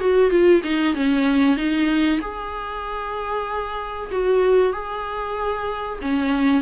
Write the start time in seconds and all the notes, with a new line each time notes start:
0.00 F#4
0.30 F4
0.63 D#4
0.94 C#4
1.56 D#4
2.20 G#4
4.11 F#4
4.73 G#4
6.01 C#4